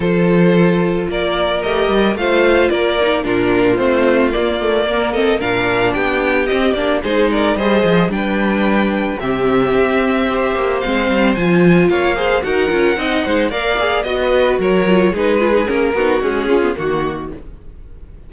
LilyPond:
<<
  \new Staff \with { instrumentName = "violin" } { \time 4/4 \tempo 4 = 111 c''2 d''4 dis''4 | f''4 d''4 ais'4 c''4 | d''4. dis''8 f''4 g''4 | dis''8 d''8 c''8 d''8 dis''4 g''4~ |
g''4 e''2. | f''4 gis''4 f''4 fis''4~ | fis''4 f''4 dis''4 cis''4 | b'4 ais'4 gis'4 fis'4 | }
  \new Staff \with { instrumentName = "violin" } { \time 4/4 a'2 ais'2 | c''4 ais'4 f'2~ | f'4 ais'8 a'8 ais'4 g'4~ | g'4 gis'8 ais'8 c''4 b'4~ |
b'4 g'2 c''4~ | c''2 cis''8 c''8 ais'4 | dis''8 c''8 d''4 dis''16 b'8. ais'4 | gis'4. fis'4 f'8 fis'4 | }
  \new Staff \with { instrumentName = "viola" } { \time 4/4 f'2. g'4 | f'4. dis'8 d'4 c'4 | ais8 a8 ais8 c'8 d'2 | c'8 d'8 dis'4 gis'4 d'4~ |
d'4 c'2 g'4 | c'4 f'4. gis'8 fis'8 f'8 | dis'4 ais'8 gis'8 fis'4. f'8 | dis'8 f'16 dis'16 cis'8 dis'8 gis8 cis'16 b16 ais4 | }
  \new Staff \with { instrumentName = "cello" } { \time 4/4 f2 ais4 a8 g8 | a4 ais4 ais,4 a4 | ais2 ais,4 b4 | c'8 ais8 gis4 g8 f8 g4~ |
g4 c4 c'4. ais8 | gis8 g8 f4 ais4 dis'8 cis'8 | c'8 gis8 ais4 b4 fis4 | gis4 ais8 b8 cis'4 dis4 | }
>>